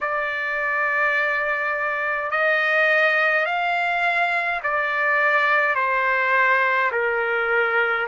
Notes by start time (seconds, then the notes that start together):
0.00 D5
2.31 D#5
3.45 F5
4.63 D5
5.75 C5
6.91 A#4